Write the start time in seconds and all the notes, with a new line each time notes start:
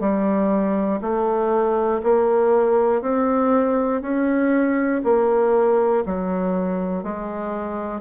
0.00 G3
1.01 A3
2.03 A#3
3.01 C4
4.02 C#4
5.04 A#3
6.05 F#3
7.03 G#3